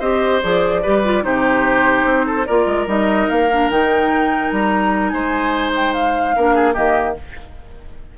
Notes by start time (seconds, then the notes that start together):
0.00 C4 G4 C5 D#5
0.43 F3 G#4 D5
0.83 G3 G4 B4
1.05 F4
1.23 C3 D#4 G4 C5
2.05 C4
2.26 A4
2.46 A#3 F4 A#4 D5
2.66 G#3
2.87 G3 D#4 D#5
3.30 A#3 F5
3.53 D4
3.71 D#3 D#4 G5
4.52 G3 A#5
5.10 G#3 C5 G#5
5.76 G5
5.94 F5
6.36 A#3 D4 A#4
6.55 G#4
6.74 D#3 A#3 G4 D#5